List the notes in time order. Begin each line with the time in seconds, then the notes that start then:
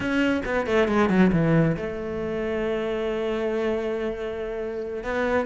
0.00 C#4
0.45 B3
0.66 A3
0.88 G#3
1.09 F#3
1.32 E3
1.76 A3
5.03 B3